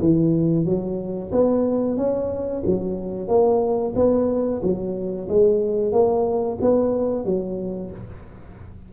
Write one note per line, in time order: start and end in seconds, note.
0.00 0.65 E3
0.65 1.31 F#3
1.32 1.97 B3
1.97 2.63 C#4
2.66 3.28 F#3
3.28 3.94 A#3
3.95 4.61 B3
4.62 5.28 F#3
5.29 5.92 G#3
5.92 6.58 A#3
6.61 7.25 B3
7.25 7.91 F#3